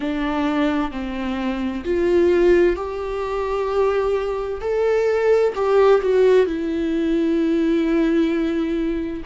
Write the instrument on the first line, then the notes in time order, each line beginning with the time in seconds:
viola
0.00 D4
0.91 C4
1.84 F4
2.76 G4
4.61 A4
5.55 G4
6.01 F#4
6.46 E4